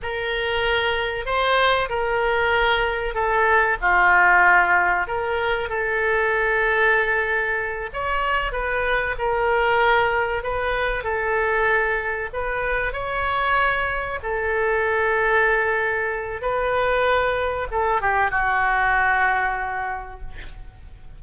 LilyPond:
\new Staff \with { instrumentName = "oboe" } { \time 4/4 \tempo 4 = 95 ais'2 c''4 ais'4~ | ais'4 a'4 f'2 | ais'4 a'2.~ | a'8 cis''4 b'4 ais'4.~ |
ais'8 b'4 a'2 b'8~ | b'8 cis''2 a'4.~ | a'2 b'2 | a'8 g'8 fis'2. | }